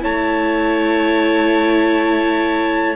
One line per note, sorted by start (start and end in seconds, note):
0.00 2.96 A3
0.00 2.95 E4
0.00 2.96 C#5
0.00 2.96 A5